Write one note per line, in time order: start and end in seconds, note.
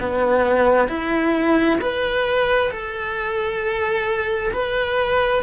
0.00 0.88 B3
0.88 1.79 E4
1.81 2.71 B4
2.71 4.53 A4
4.53 5.43 B4